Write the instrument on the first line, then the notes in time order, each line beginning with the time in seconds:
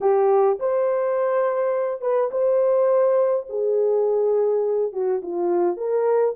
horn
0.00 G4
0.59 C5
2.01 B4
2.31 C5
3.49 G#4
4.92 F#4
5.22 F4
5.77 A#4